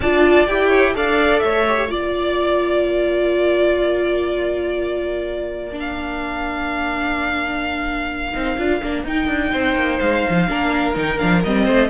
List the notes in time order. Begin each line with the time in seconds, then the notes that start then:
0.00 D4 F4 D5 A5
0.47 E4 G4 G5
0.68 C#5
0.94 D4 A4 D5 F5
1.39 A3 C#5 E5
1.68 G4
1.89 A#3 F4 D5
2.85 A#4
5.72 D4
5.79 F5
8.32 C4 D#4
8.57 D4 F4
8.82 A#3 D4
9.04 D#4 G5
9.27 D4
9.52 C4 C5
9.75 A#3
9.99 G#3 F5
10.29 F3
10.47 A#3 D4 A#4
10.94 D#3 D#4 G5
11.18 F3 D4 F5
11.43 G3 C4 D#5
11.64 A3 C5